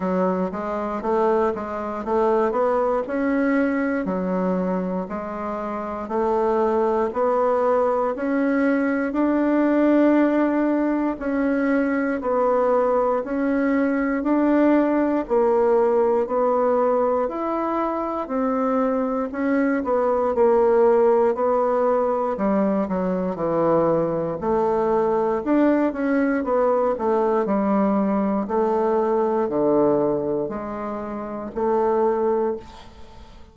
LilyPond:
\new Staff \with { instrumentName = "bassoon" } { \time 4/4 \tempo 4 = 59 fis8 gis8 a8 gis8 a8 b8 cis'4 | fis4 gis4 a4 b4 | cis'4 d'2 cis'4 | b4 cis'4 d'4 ais4 |
b4 e'4 c'4 cis'8 b8 | ais4 b4 g8 fis8 e4 | a4 d'8 cis'8 b8 a8 g4 | a4 d4 gis4 a4 | }